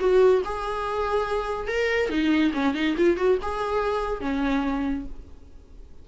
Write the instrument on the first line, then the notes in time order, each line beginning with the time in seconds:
viola
0.00 F#4
0.46 G#4
1.68 A#4
2.10 D#4
2.54 C#4
2.75 D#4
2.98 F4
3.17 F#4
3.42 G#4
4.21 C#4